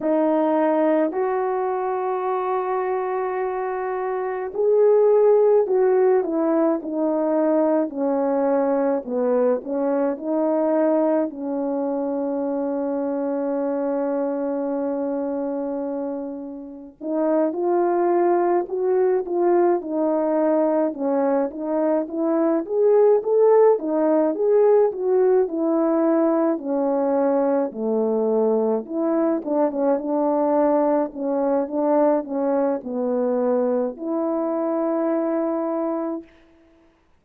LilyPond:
\new Staff \with { instrumentName = "horn" } { \time 4/4 \tempo 4 = 53 dis'4 fis'2. | gis'4 fis'8 e'8 dis'4 cis'4 | b8 cis'8 dis'4 cis'2~ | cis'2. dis'8 f'8~ |
f'8 fis'8 f'8 dis'4 cis'8 dis'8 e'8 | gis'8 a'8 dis'8 gis'8 fis'8 e'4 cis'8~ | cis'8 a4 e'8 d'16 cis'16 d'4 cis'8 | d'8 cis'8 b4 e'2 | }